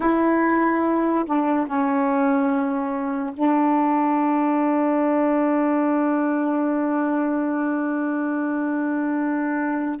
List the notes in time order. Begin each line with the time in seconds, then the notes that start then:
0.00 E4
1.25 D4
1.67 C#4
3.34 D4